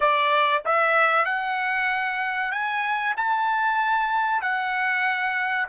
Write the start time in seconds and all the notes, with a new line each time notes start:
0.00 D5
0.65 E5
1.25 F#5
2.51 G#5
3.16 A5
4.41 F#5